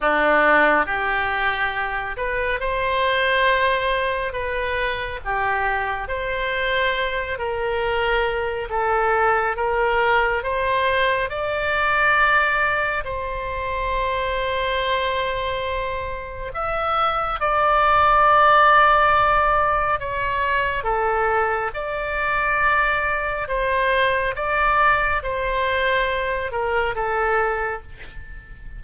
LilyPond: \new Staff \with { instrumentName = "oboe" } { \time 4/4 \tempo 4 = 69 d'4 g'4. b'8 c''4~ | c''4 b'4 g'4 c''4~ | c''8 ais'4. a'4 ais'4 | c''4 d''2 c''4~ |
c''2. e''4 | d''2. cis''4 | a'4 d''2 c''4 | d''4 c''4. ais'8 a'4 | }